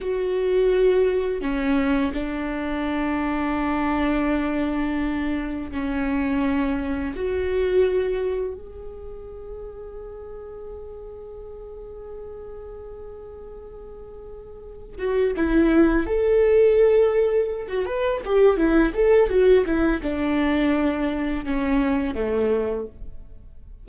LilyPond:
\new Staff \with { instrumentName = "viola" } { \time 4/4 \tempo 4 = 84 fis'2 cis'4 d'4~ | d'1 | cis'2 fis'2 | gis'1~ |
gis'1~ | gis'4 fis'8 e'4 a'4.~ | a'8. fis'16 b'8 g'8 e'8 a'8 fis'8 e'8 | d'2 cis'4 a4 | }